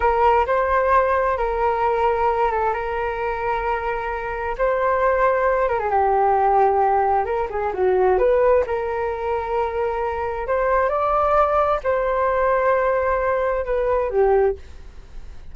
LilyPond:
\new Staff \with { instrumentName = "flute" } { \time 4/4 \tempo 4 = 132 ais'4 c''2 ais'4~ | ais'4. a'8 ais'2~ | ais'2 c''2~ | c''8 ais'16 gis'16 g'2. |
ais'8 gis'8 fis'4 b'4 ais'4~ | ais'2. c''4 | d''2 c''2~ | c''2 b'4 g'4 | }